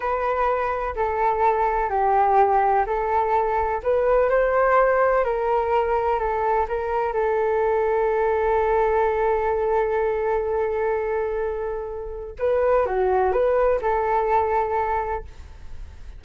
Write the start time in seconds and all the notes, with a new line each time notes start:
0.00 B4
0.95 A4
1.89 G4
2.86 A4
3.83 B4
4.29 C5
5.24 A#4
6.19 A4
6.68 A#4
7.12 A4
12.38 B4
12.85 F#4
13.32 B4
13.81 A4